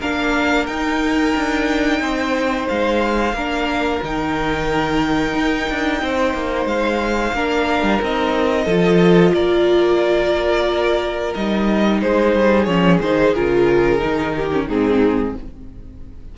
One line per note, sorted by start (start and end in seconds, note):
0.00 0.68 A#3
0.00 0.69 D4
0.00 2.00 A#4
0.00 0.67 F5
0.67 1.35 D#4
0.67 3.35 D#4
0.67 2.67 G5
1.37 2.01 D4
2.01 2.67 C4
2.01 3.36 C5
2.69 3.33 G#3
2.69 4.02 F5
3.33 4.00 A#3
3.33 4.04 D4
3.33 6.02 A#4
4.03 5.34 D#3
4.03 7.36 D#4
4.03 6.68 G5
5.34 5.67 D#4
5.71 6.02 D4
6.02 6.34 C4
6.02 7.36 C5
6.34 6.66 A#3
6.66 7.33 G#3
6.66 8.01 F5
7.33 7.83 A#3
7.33 8.02 D4
7.33 8.66 A#4
7.83 8.00 G3
8.02 8.67 C4
8.02 8.70 D#4
8.02 9.34 D#5
8.66 9.33 F3
8.66 11.35 F4
8.66 9.32 A4
9.34 11.34 A#3
9.34 12.02 A#4
9.34 11.34 D5
11.35 12.03 G3
11.35 12.69 D#4
11.35 12.01 D#5
12.01 12.35 G#3
12.01 14.36 G#4
12.01 12.65 C5
12.35 12.67 G3
12.65 13.01 F3
12.65 13.02 C#4
12.65 12.98 C#5
13.01 13.35 D#3
13.01 13.36 D#4
13.01 13.35 C5
13.35 14.02 C#3
13.35 13.99 F4
13.35 14.68 A#4
13.99 14.68 D#3
13.99 14.49 D#4
14.36 14.67 G4
14.53 14.70 C#4
14.67 15.35 G#2
14.67 15.38 C4
14.67 15.34 D#4
14.67 15.36 G#4